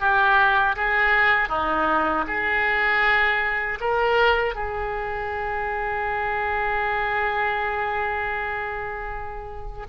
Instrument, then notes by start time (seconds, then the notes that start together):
oboe
0.00 G4
0.76 G#4
1.49 D#4
2.27 G#4
3.80 A#4
4.55 G#4